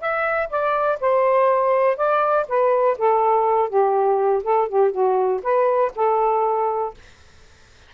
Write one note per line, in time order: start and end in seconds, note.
0.00 0.49 E5
0.49 0.99 D5
1.00 1.97 C5
1.97 2.46 D5
2.48 2.98 B4
2.98 3.69 A4
3.69 4.43 G4
4.44 4.68 A4
4.68 4.91 G4
4.91 5.41 F#4
5.43 5.92 B4
5.95 6.94 A4